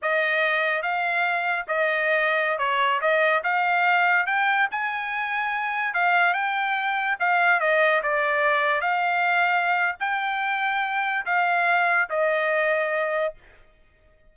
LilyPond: \new Staff \with { instrumentName = "trumpet" } { \time 4/4 \tempo 4 = 144 dis''2 f''2 | dis''2~ dis''16 cis''4 dis''8.~ | dis''16 f''2 g''4 gis''8.~ | gis''2~ gis''16 f''4 g''8.~ |
g''4~ g''16 f''4 dis''4 d''8.~ | d''4~ d''16 f''2~ f''8. | g''2. f''4~ | f''4 dis''2. | }